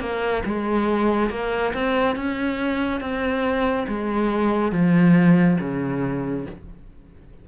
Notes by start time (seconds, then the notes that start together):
0.00 A#3
0.46 G#3
1.30 A#3
1.74 C4
2.16 C#4
3.01 C4
3.88 G#3
4.72 F3
5.60 C#3